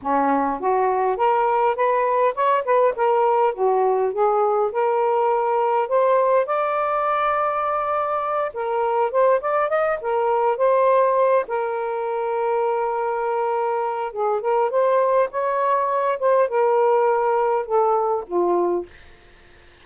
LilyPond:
\new Staff \with { instrumentName = "saxophone" } { \time 4/4 \tempo 4 = 102 cis'4 fis'4 ais'4 b'4 | cis''8 b'8 ais'4 fis'4 gis'4 | ais'2 c''4 d''4~ | d''2~ d''8 ais'4 c''8 |
d''8 dis''8 ais'4 c''4. ais'8~ | ais'1 | gis'8 ais'8 c''4 cis''4. c''8 | ais'2 a'4 f'4 | }